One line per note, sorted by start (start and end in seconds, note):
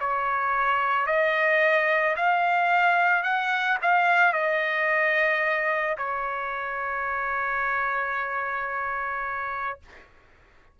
0.00 1.07 C#5
1.07 2.16 D#5
2.17 3.23 F5
3.23 3.78 F#5
3.82 4.33 F5
4.33 5.97 D#5
5.98 9.79 C#5